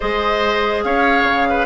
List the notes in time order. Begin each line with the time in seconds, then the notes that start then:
0.00 G#3 G#4 C5 D#5
0.83 C#4 C#5 F5
1.24 C#3
1.49 B4